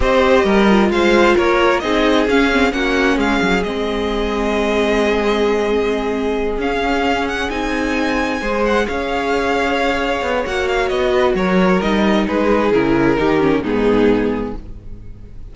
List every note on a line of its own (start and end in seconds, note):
0.00 0.44 C4
0.00 0.68 G4
0.00 0.44 C5
0.00 0.91 D#5
0.44 0.89 G3
0.44 0.89 A#4
0.69 1.82 F4
0.89 1.34 G#3
0.89 1.35 C5
0.89 1.36 F5
1.35 1.83 A#3
1.35 1.81 A#4
1.35 1.79 C#5
1.79 2.27 C4
1.79 2.28 D#4
1.79 2.74 G#4
1.79 2.25 D#5
2.27 2.72 C#4
2.27 2.52 C#4
2.27 2.72 F5
2.52 2.71 C4
2.71 3.17 A#3
2.71 3.62 C#4
2.71 3.17 F#4
2.71 3.17 F#5
3.17 3.40 G#3
3.17 8.40 G#4
3.17 3.63 F5
3.41 3.63 F#3
3.63 6.57 G#3
3.63 6.59 C4
3.63 6.58 D#5
6.57 7.48 C#4
6.57 7.50 C#4
6.57 7.28 F5
7.28 7.50 F#5
7.50 8.41 C4
7.50 8.41 D#4
7.50 8.63 G#5
8.40 8.86 G#3
8.40 10.46 G#4
8.40 8.86 C5
8.65 8.87 F#5
8.87 10.21 C#4
8.87 11.10 C#5
8.87 10.45 F5
10.21 10.44 B3
10.45 10.91 A#3
10.45 11.82 F#4
10.45 10.67 F#5
10.67 10.88 F5
10.88 11.34 B3
10.88 11.33 D#5
11.10 11.33 B4
11.34 11.79 F#3
11.34 12.26 A#4
11.34 11.81 C#5
11.81 12.27 G3
11.81 12.73 D#4
11.81 12.26 D#5
12.26 12.71 G#3
12.26 13.17 G#4
12.26 12.72 B4
12.71 13.17 C#3
12.71 13.17 E4
12.71 13.63 A#4
13.17 13.62 D#3
13.17 13.40 D#4
13.17 13.62 G4
13.40 13.63 C#4
13.62 14.53 G#2
13.62 14.55 B3
13.62 14.53 D#4
13.62 14.55 G#4